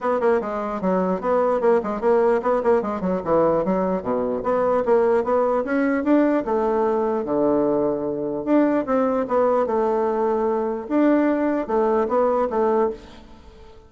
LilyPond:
\new Staff \with { instrumentName = "bassoon" } { \time 4/4 \tempo 4 = 149 b8 ais8 gis4 fis4 b4 | ais8 gis8 ais4 b8 ais8 gis8 fis8 | e4 fis4 b,4 b4 | ais4 b4 cis'4 d'4 |
a2 d2~ | d4 d'4 c'4 b4 | a2. d'4~ | d'4 a4 b4 a4 | }